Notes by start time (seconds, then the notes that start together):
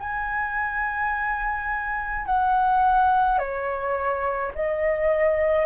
0.00 G#5
2.26 F#5
3.39 C#5
4.55 D#5